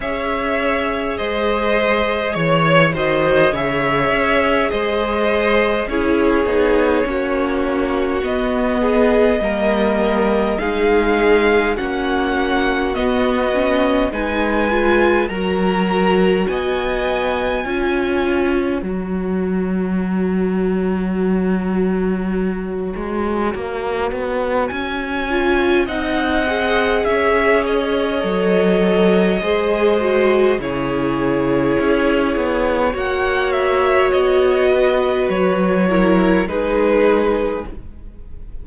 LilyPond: <<
  \new Staff \with { instrumentName = "violin" } { \time 4/4 \tempo 4 = 51 e''4 dis''4 cis''8 dis''8 e''4 | dis''4 cis''2 dis''4~ | dis''4 f''4 fis''4 dis''4 | gis''4 ais''4 gis''2 |
ais''1~ | ais''4 gis''4 fis''4 e''8 dis''8~ | dis''2 cis''2 | fis''8 e''8 dis''4 cis''4 b'4 | }
  \new Staff \with { instrumentName = "violin" } { \time 4/4 cis''4 c''4 cis''8 c''8 cis''4 | c''4 gis'4 fis'4. gis'8 | ais'4 gis'4 fis'2 | b'4 ais'4 dis''4 cis''4~ |
cis''1~ | cis''2 dis''4 cis''4~ | cis''4 c''4 gis'2 | cis''4. b'4 ais'8 gis'4 | }
  \new Staff \with { instrumentName = "viola" } { \time 4/4 gis'2~ gis'8 fis'8 gis'4~ | gis'4 e'8 dis'8 cis'4 b4 | ais4 dis'4 cis'4 b8 cis'8 | dis'8 f'8 fis'2 f'4 |
fis'1~ | fis'4. f'8 dis'8 gis'4. | a'4 gis'8 fis'8 e'2 | fis'2~ fis'8 e'8 dis'4 | }
  \new Staff \with { instrumentName = "cello" } { \time 4/4 cis'4 gis4 e8 dis8 cis8 cis'8 | gis4 cis'8 b8 ais4 b4 | g4 gis4 ais4 b4 | gis4 fis4 b4 cis'4 |
fis2.~ fis8 gis8 | ais8 b8 cis'4 c'4 cis'4 | fis4 gis4 cis4 cis'8 b8 | ais4 b4 fis4 gis4 | }
>>